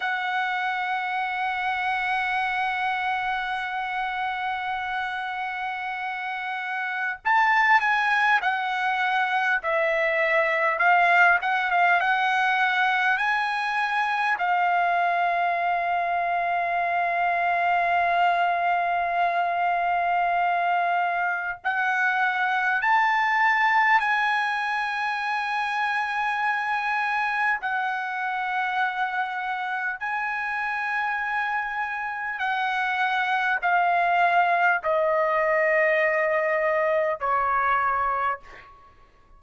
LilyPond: \new Staff \with { instrumentName = "trumpet" } { \time 4/4 \tempo 4 = 50 fis''1~ | fis''2 a''8 gis''8 fis''4 | e''4 f''8 fis''16 f''16 fis''4 gis''4 | f''1~ |
f''2 fis''4 a''4 | gis''2. fis''4~ | fis''4 gis''2 fis''4 | f''4 dis''2 cis''4 | }